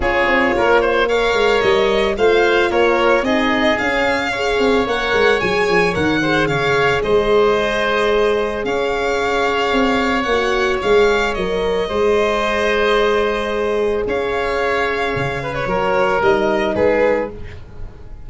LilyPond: <<
  \new Staff \with { instrumentName = "violin" } { \time 4/4 \tempo 4 = 111 cis''2 f''4 dis''4 | f''4 cis''4 dis''4 f''4~ | f''4 fis''4 gis''4 fis''4 | f''4 dis''2. |
f''2. fis''4 | f''4 dis''2.~ | dis''2 f''2~ | f''8. cis''4~ cis''16 dis''4 b'4 | }
  \new Staff \with { instrumentName = "oboe" } { \time 4/4 gis'4 ais'8 c''8 cis''2 | c''4 ais'4 gis'2 | cis''2.~ cis''8 c''8 | cis''4 c''2. |
cis''1~ | cis''2 c''2~ | c''2 cis''2~ | cis''8 b'8 ais'2 gis'4 | }
  \new Staff \with { instrumentName = "horn" } { \time 4/4 f'2 ais'2 | f'2 dis'4 cis'4 | gis'4 ais'4 gis'4 ais'8 gis'8~ | gis'1~ |
gis'2. fis'4 | gis'4 ais'4 gis'2~ | gis'1~ | gis'4 fis'4 dis'2 | }
  \new Staff \with { instrumentName = "tuba" } { \time 4/4 cis'8 c'8 ais4. gis8 g4 | a4 ais4 c'4 cis'4~ | cis'8 c'8 ais8 gis8 fis8 f8 dis4 | cis4 gis2. |
cis'2 c'4 ais4 | gis4 fis4 gis2~ | gis2 cis'2 | cis4 fis4 g4 gis4 | }
>>